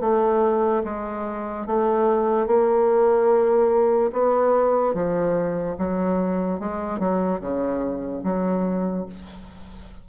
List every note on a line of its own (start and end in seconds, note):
0.00 0.82 A3
0.84 1.66 G#3
1.66 2.46 A3
2.46 4.11 A#3
4.12 4.94 B3
4.94 5.76 F3
5.77 6.59 F#3
6.59 6.99 G#3
6.99 7.40 F#3
7.40 8.22 C#3
8.23 9.06 F#3